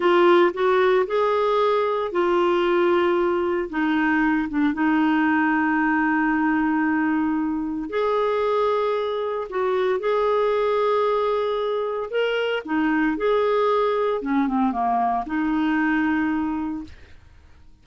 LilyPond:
\new Staff \with { instrumentName = "clarinet" } { \time 4/4 \tempo 4 = 114 f'4 fis'4 gis'2 | f'2. dis'4~ | dis'8 d'8 dis'2.~ | dis'2. gis'4~ |
gis'2 fis'4 gis'4~ | gis'2. ais'4 | dis'4 gis'2 cis'8 c'8 | ais4 dis'2. | }